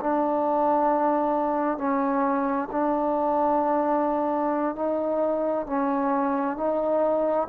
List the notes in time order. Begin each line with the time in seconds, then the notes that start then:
0.00 D4
1.77 C#4
2.71 D4
4.75 D#4
5.66 C#4
6.57 D#4